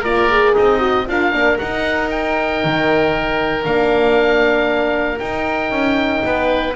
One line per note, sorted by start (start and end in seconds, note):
0.00 0.55 A#3
0.00 0.30 F4
0.00 0.52 A#4
0.00 0.56 D5
0.30 0.79 G#4
0.53 1.09 C4
0.53 1.04 D#4
0.53 1.08 D#5
0.79 1.05 F#4
1.07 1.33 D4
1.07 1.33 F4
1.07 6.25 A#4
1.07 1.58 F5
1.33 1.59 A#3
1.33 1.59 D4
1.58 3.63 D#4
1.58 2.64 D#4
1.58 2.10 F#5
2.10 3.65 G5
2.64 3.65 D#3
3.63 5.20 A#3
3.63 5.18 D4
3.63 5.19 F5
5.19 6.75 D#4
5.19 5.71 D#4
5.19 6.74 G5
5.71 6.22 C#4
6.25 6.75 B3
6.25 6.75 B4